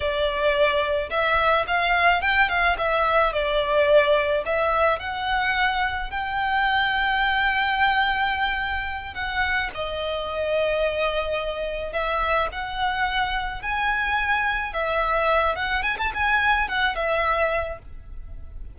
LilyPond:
\new Staff \with { instrumentName = "violin" } { \time 4/4 \tempo 4 = 108 d''2 e''4 f''4 | g''8 f''8 e''4 d''2 | e''4 fis''2 g''4~ | g''1~ |
g''8 fis''4 dis''2~ dis''8~ | dis''4. e''4 fis''4.~ | fis''8 gis''2 e''4. | fis''8 gis''16 a''16 gis''4 fis''8 e''4. | }